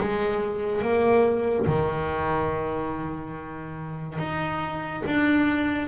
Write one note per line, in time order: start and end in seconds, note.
0.00 0.82 G#3
0.82 1.66 A#3
1.67 4.18 D#3
4.18 5.03 D#4
5.06 5.88 D4